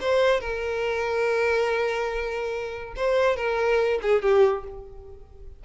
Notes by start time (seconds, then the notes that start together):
0.00 C5
0.40 A#4
2.96 C5
3.36 A#4
4.02 G#4
4.22 G4